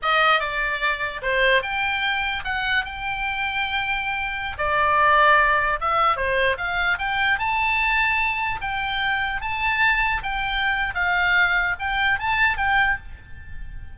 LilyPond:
\new Staff \with { instrumentName = "oboe" } { \time 4/4 \tempo 4 = 148 dis''4 d''2 c''4 | g''2 fis''4 g''4~ | g''2.~ g''16 d''8.~ | d''2~ d''16 e''4 c''8.~ |
c''16 f''4 g''4 a''4.~ a''16~ | a''4~ a''16 g''2 a''8.~ | a''4~ a''16 g''4.~ g''16 f''4~ | f''4 g''4 a''4 g''4 | }